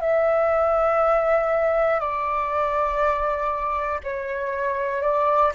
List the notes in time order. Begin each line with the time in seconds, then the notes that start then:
0.00 E5
2.00 D5
4.03 C#5
5.02 D5